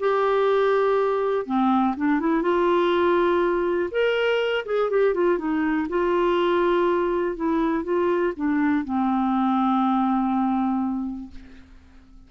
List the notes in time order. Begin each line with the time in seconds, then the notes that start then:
0.00 G4
1.46 C4
1.97 D4
2.20 E4
2.43 F4
3.91 A#4
4.66 G#4
4.90 G4
5.14 F4
5.39 D#4
5.89 F4
7.36 E4
7.84 F4
8.37 D4
8.85 C4